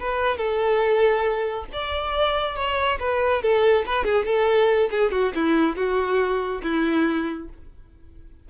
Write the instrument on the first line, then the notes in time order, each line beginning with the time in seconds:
violin
0.00 B4
0.38 A4
1.73 D5
2.56 C#5
2.99 B4
3.42 A4
3.86 B4
4.05 G#4
4.26 A4
4.91 G#4
5.11 F#4
5.35 E4
5.76 F#4
6.63 E4